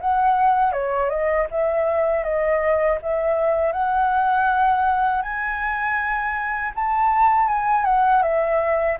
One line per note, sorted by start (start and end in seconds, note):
0.00 0.72 F#5
0.72 1.09 C#5
1.09 1.47 D#5
1.51 2.23 E5
2.23 2.98 D#5
3.02 3.72 E5
3.72 5.22 F#5
5.22 6.72 G#5
6.75 7.48 A5
7.48 7.85 G#5
7.85 8.22 F#5
8.22 8.97 E5